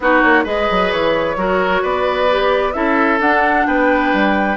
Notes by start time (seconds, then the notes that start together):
0.00 B3 D#4 F#4 B4
0.21 A#3 C#5
0.44 G#3 G#4 B4 D#5
0.70 F#3
0.92 E3 C#5
1.36 F#3 F#4 A#4
1.82 B3 B4 D5
2.30 G4
2.72 C#4 E4 A4 E5
3.20 D4 F#5
3.66 B3 B4 G5
4.13 G3